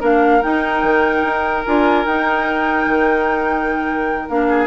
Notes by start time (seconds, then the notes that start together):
0.00 A#3 D4 A#4 F5
0.42 D#4 G5
0.83 D#3
1.23 D#4
1.65 D4 F4 G#5
2.05 D#4 G5
2.86 D#3
4.29 A#3 D4 F5
4.49 G#4